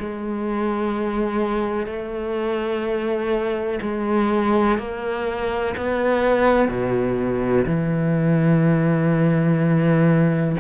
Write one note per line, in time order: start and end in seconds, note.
0.00 1.87 G#3
1.87 3.80 A3
3.82 4.79 G#3
4.79 5.75 A#3
5.77 6.69 B3
6.69 7.65 B2
7.66 10.56 E3